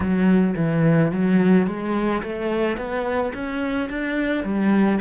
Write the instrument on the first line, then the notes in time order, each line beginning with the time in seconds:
cello
0.00 F#3
0.56 E3
1.11 F#3
1.67 G#3
2.22 A3
2.77 B3
3.34 C#4
3.89 D4
4.43 G3